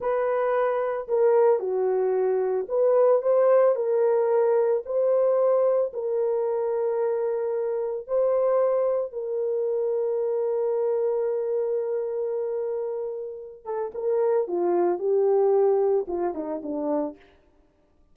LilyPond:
\new Staff \with { instrumentName = "horn" } { \time 4/4 \tempo 4 = 112 b'2 ais'4 fis'4~ | fis'4 b'4 c''4 ais'4~ | ais'4 c''2 ais'4~ | ais'2. c''4~ |
c''4 ais'2.~ | ais'1~ | ais'4. a'8 ais'4 f'4 | g'2 f'8 dis'8 d'4 | }